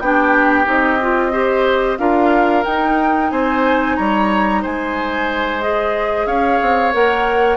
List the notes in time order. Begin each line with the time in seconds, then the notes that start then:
0.00 B3 D4 G4 G5
0.64 C4 D#4 D#5
1.01 F4
1.32 G4 C5
1.98 D4 F4 A#4 F5
2.64 D#4 G5
3.30 C4 C5 G#5
3.96 G3 C#5 A#5
4.62 G#3 C5 G#5
5.61 G#4 D#5
6.26 C#4 C#5 F5
6.61 C4
6.93 A#3 A#4 F#5